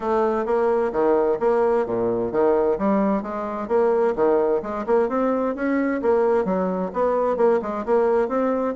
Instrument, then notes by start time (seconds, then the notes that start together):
bassoon
0.00 A3
0.45 A#3
0.92 D#3
1.39 A#3
1.86 A#2
2.31 D#3
2.78 G3
3.22 G#3
3.68 A#3
4.15 D#3
4.62 G#3
4.86 A#3
5.09 C4
5.55 C#4
6.01 A#3
6.44 F#3
6.93 B3
7.37 A#3
7.62 G#3
7.85 A#3
8.28 C4